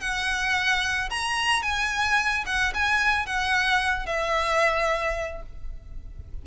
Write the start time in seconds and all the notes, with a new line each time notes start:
0.00 F#5
1.10 A#5
1.62 G#5
2.45 F#5
2.73 G#5
3.26 F#5
4.06 E5